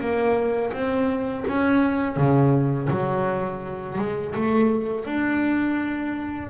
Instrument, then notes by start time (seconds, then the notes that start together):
double bass
0.00 A#3
0.72 C4
1.48 C#4
2.17 C#3
2.90 F#3
3.98 G#3
4.35 A3
5.06 D4